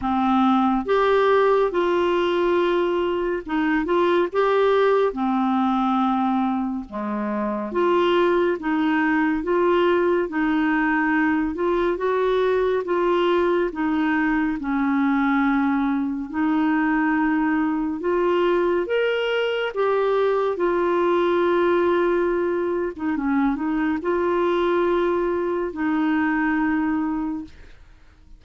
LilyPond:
\new Staff \with { instrumentName = "clarinet" } { \time 4/4 \tempo 4 = 70 c'4 g'4 f'2 | dis'8 f'8 g'4 c'2 | gis4 f'4 dis'4 f'4 | dis'4. f'8 fis'4 f'4 |
dis'4 cis'2 dis'4~ | dis'4 f'4 ais'4 g'4 | f'2~ f'8. dis'16 cis'8 dis'8 | f'2 dis'2 | }